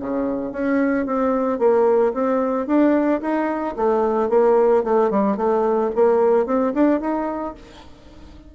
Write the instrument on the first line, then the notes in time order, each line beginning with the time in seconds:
bassoon
0.00 C#3
0.52 C#4
1.06 C4
1.59 A#3
2.14 C4
2.67 D4
3.21 D#4
3.76 A3
4.29 A#3
4.83 A3
5.11 G3
5.37 A3
5.95 A#3
6.46 C4
6.74 D4
7.00 D#4